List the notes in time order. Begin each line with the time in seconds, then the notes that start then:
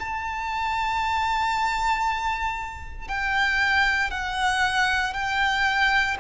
0.00 A5
3.08 G5
4.11 F#5
5.14 G5